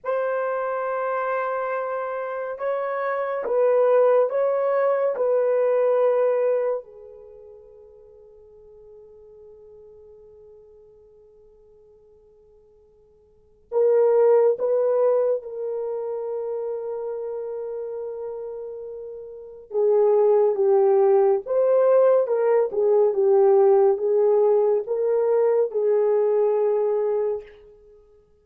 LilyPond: \new Staff \with { instrumentName = "horn" } { \time 4/4 \tempo 4 = 70 c''2. cis''4 | b'4 cis''4 b'2 | gis'1~ | gis'1 |
ais'4 b'4 ais'2~ | ais'2. gis'4 | g'4 c''4 ais'8 gis'8 g'4 | gis'4 ais'4 gis'2 | }